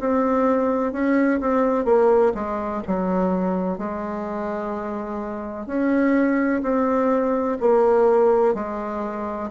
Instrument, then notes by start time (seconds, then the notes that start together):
bassoon
0.00 C4
0.93 C#4
1.40 C4
1.85 A#3
2.34 G#3
2.87 F#3
3.78 G#3
5.66 C#4
6.62 C4
7.61 A#3
8.55 G#3